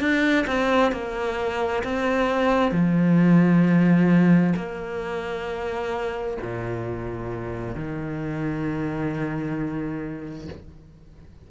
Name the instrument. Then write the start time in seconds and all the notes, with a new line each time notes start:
cello
0.00 D4
0.46 C4
0.92 A#3
1.83 C4
2.71 F3
4.55 A#3
6.41 A#2
7.75 D#3